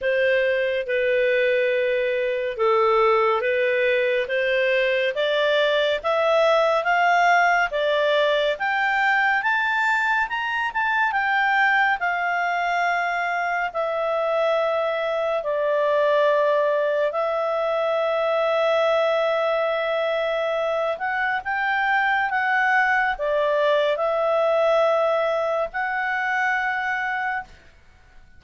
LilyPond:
\new Staff \with { instrumentName = "clarinet" } { \time 4/4 \tempo 4 = 70 c''4 b'2 a'4 | b'4 c''4 d''4 e''4 | f''4 d''4 g''4 a''4 | ais''8 a''8 g''4 f''2 |
e''2 d''2 | e''1~ | e''8 fis''8 g''4 fis''4 d''4 | e''2 fis''2 | }